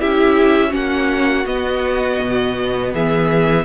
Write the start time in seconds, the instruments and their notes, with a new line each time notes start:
0.00 cello C#4, viola E4, violin G4 E5
0.69 cello A#3, viola C#4, violin F#4
0.76 violin F#5
1.46 cello B3, viola B3, violin D#5
2.22 cello B2
2.94 cello E3, violin G#4 E5